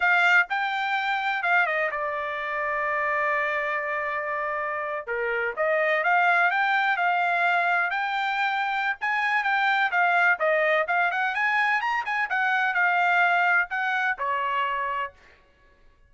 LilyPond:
\new Staff \with { instrumentName = "trumpet" } { \time 4/4 \tempo 4 = 127 f''4 g''2 f''8 dis''8 | d''1~ | d''2~ d''8. ais'4 dis''16~ | dis''8. f''4 g''4 f''4~ f''16~ |
f''8. g''2~ g''16 gis''4 | g''4 f''4 dis''4 f''8 fis''8 | gis''4 ais''8 gis''8 fis''4 f''4~ | f''4 fis''4 cis''2 | }